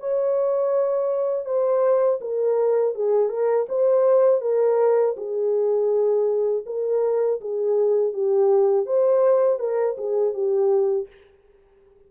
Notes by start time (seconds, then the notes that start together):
0.00 C#5
1.45 C5
2.21 A#4
2.95 G#4
3.30 A#4
3.69 C5
4.41 A#4
5.17 G#4
6.67 A#4
7.41 G#4
8.13 G4
8.87 C5
9.59 A#4
9.98 G#4
10.34 G4